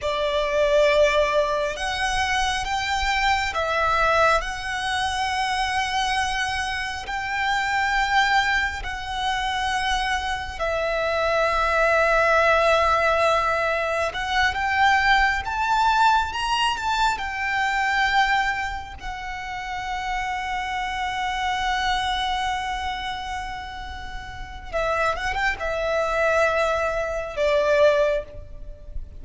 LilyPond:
\new Staff \with { instrumentName = "violin" } { \time 4/4 \tempo 4 = 68 d''2 fis''4 g''4 | e''4 fis''2. | g''2 fis''2 | e''1 |
fis''8 g''4 a''4 ais''8 a''8 g''8~ | g''4. fis''2~ fis''8~ | fis''1 | e''8 fis''16 g''16 e''2 d''4 | }